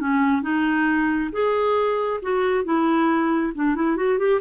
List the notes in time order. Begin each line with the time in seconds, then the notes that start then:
0.00 C#4
0.42 D#4
1.32 G#4
2.22 F#4
2.65 E4
3.55 D4
3.75 E4
3.97 F#4
4.18 G4